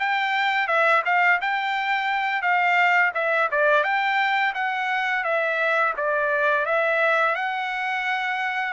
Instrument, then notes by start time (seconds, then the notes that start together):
trumpet
0.00 G5
0.68 E5
1.06 F5
1.42 G5
2.43 F5
3.15 E5
3.52 D5
3.84 G5
4.55 F#5
5.25 E5
5.97 D5
6.66 E5
7.36 F#5